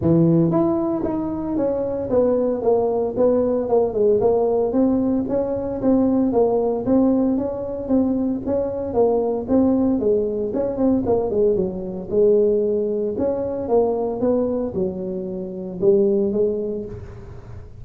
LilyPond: \new Staff \with { instrumentName = "tuba" } { \time 4/4 \tempo 4 = 114 e4 e'4 dis'4 cis'4 | b4 ais4 b4 ais8 gis8 | ais4 c'4 cis'4 c'4 | ais4 c'4 cis'4 c'4 |
cis'4 ais4 c'4 gis4 | cis'8 c'8 ais8 gis8 fis4 gis4~ | gis4 cis'4 ais4 b4 | fis2 g4 gis4 | }